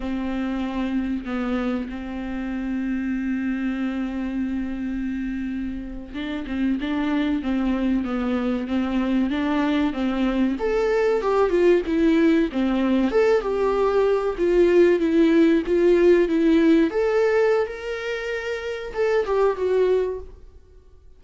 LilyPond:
\new Staff \with { instrumentName = "viola" } { \time 4/4 \tempo 4 = 95 c'2 b4 c'4~ | c'1~ | c'4.~ c'16 d'8 c'8 d'4 c'16~ | c'8. b4 c'4 d'4 c'16~ |
c'8. a'4 g'8 f'8 e'4 c'16~ | c'8. a'8 g'4. f'4 e'16~ | e'8. f'4 e'4 a'4~ a'16 | ais'2 a'8 g'8 fis'4 | }